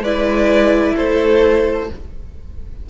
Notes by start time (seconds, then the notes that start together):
0.00 G#3 E4 B4 D5
0.96 A3 A4 C5